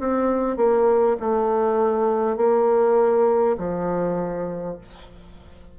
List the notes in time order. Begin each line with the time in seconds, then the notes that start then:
0.00 C4
0.57 A#3
1.20 A3
2.37 A#3
3.58 F3